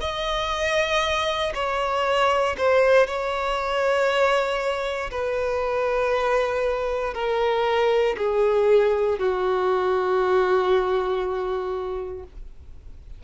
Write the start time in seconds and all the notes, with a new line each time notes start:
0.00 D#5
1.54 C#5
2.57 C5
3.06 C#5
5.10 B4
7.14 A#4
8.17 G#4
9.18 F#4